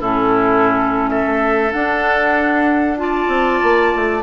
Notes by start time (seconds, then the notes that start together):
0.00 A2 C#4 E4 A4
1.09 A4 E5
1.26 A3
1.72 D4 F#5
2.97 F4 D5 A5
3.28 C4
3.63 A#3
3.95 A3